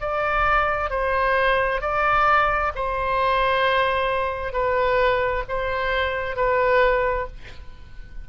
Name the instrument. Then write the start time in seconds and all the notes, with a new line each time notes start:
oboe
0.00 D5
0.90 C5
1.81 D5
2.75 C5
4.52 B4
5.48 C5
6.36 B4